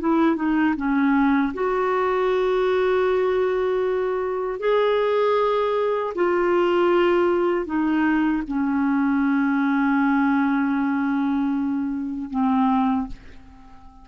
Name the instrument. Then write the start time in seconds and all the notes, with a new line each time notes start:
clarinet
0.00 E4
0.36 D#4
0.77 C#4
1.54 F#4
4.60 G#4
6.15 F4
7.66 D#4
8.48 C#4
12.30 C4